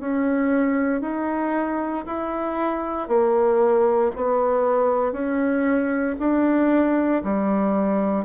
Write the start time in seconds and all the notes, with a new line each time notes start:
0.00 C#4
1.01 D#4
2.06 E4
3.08 A#3
4.15 B3
5.12 C#4
6.19 D4
7.23 G3